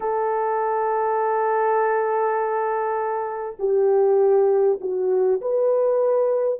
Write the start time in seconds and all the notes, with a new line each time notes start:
0.00 A4
3.59 G4
4.80 F#4
5.41 B4